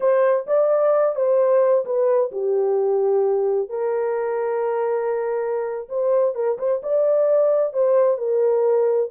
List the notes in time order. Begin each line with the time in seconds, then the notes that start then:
0.00 C5
0.46 D5
1.15 C5
1.85 B4
2.31 G4
3.69 A#4
5.88 C5
6.35 A#4
6.58 C5
6.82 D5
7.73 C5
8.17 A#4